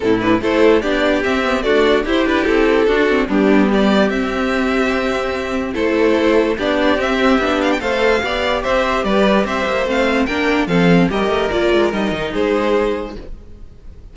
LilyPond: <<
  \new Staff \with { instrumentName = "violin" } { \time 4/4 \tempo 4 = 146 a'8 b'8 c''4 d''4 e''4 | d''4 c''8 b'8 a'2 | g'4 d''4 e''2~ | e''2 c''2 |
d''4 e''4. f''16 g''16 f''4~ | f''4 e''4 d''4 e''4 | f''4 g''4 f''4 dis''4 | d''4 dis''4 c''2 | }
  \new Staff \with { instrumentName = "violin" } { \time 4/4 e'4 a'4 g'2 | fis'4 g'2 fis'4 | d'4 g'2.~ | g'2 a'2 |
g'2. c''4 | d''4 c''4 b'4 c''4~ | c''4 ais'4 a'4 ais'4~ | ais'2 gis'2 | }
  \new Staff \with { instrumentName = "viola" } { \time 4/4 c'8 d'8 e'4 d'4 c'8 b8 | a4 e'2 d'8 c'8 | b2 c'2~ | c'2 e'2 |
d'4 c'4 d'4 a'4 | g'1 | c'4 d'4 c'4 g'4 | f'4 dis'2. | }
  \new Staff \with { instrumentName = "cello" } { \time 4/4 a,4 a4 b4 c'4 | d'4 e'8 d'8 c'4 d'4 | g2 c'2~ | c'2 a2 |
b4 c'4 b4 a4 | b4 c'4 g4 c'8 ais8 | a4 ais4 f4 g8 a8 | ais8 gis8 g8 dis8 gis2 | }
>>